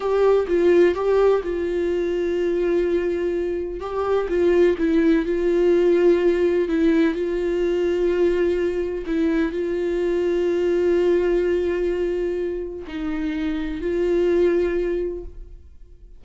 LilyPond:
\new Staff \with { instrumentName = "viola" } { \time 4/4 \tempo 4 = 126 g'4 f'4 g'4 f'4~ | f'1 | g'4 f'4 e'4 f'4~ | f'2 e'4 f'4~ |
f'2. e'4 | f'1~ | f'2. dis'4~ | dis'4 f'2. | }